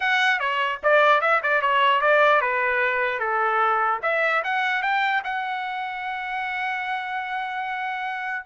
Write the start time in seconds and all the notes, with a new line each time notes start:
0.00 F#5
0.39 C#5
0.83 D5
1.21 E5
1.43 D5
1.61 C#5
2.01 D5
2.41 B4
3.19 A4
4.02 E5
4.44 F#5
4.82 G5
5.23 F#5